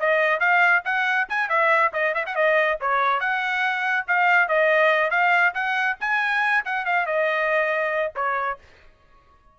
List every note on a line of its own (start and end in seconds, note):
0.00 0.40 D#5
0.40 0.83 F5
0.85 1.28 F#5
1.29 1.49 G#5
1.49 1.92 E5
1.93 2.14 D#5
2.14 2.25 E5
2.27 2.36 F#5
2.36 2.79 D#5
2.81 3.20 C#5
3.20 4.06 F#5
4.08 4.48 F5
4.48 5.11 D#5
5.11 5.54 F5
5.54 5.97 F#5
6.01 6.65 G#5
6.65 6.86 F#5
6.86 7.06 F5
7.06 8.14 D#5
8.16 8.59 C#5